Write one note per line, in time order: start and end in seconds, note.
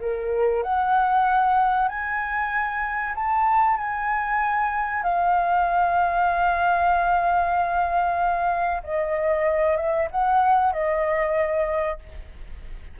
0.00 0.63 A#4
0.63 1.88 F#5
1.88 3.14 G#5
3.15 3.77 A5
3.77 5.03 G#5
5.03 8.82 F5
8.83 9.76 D#5
9.76 10.08 E5
10.11 10.73 F#5
10.73 11.99 D#5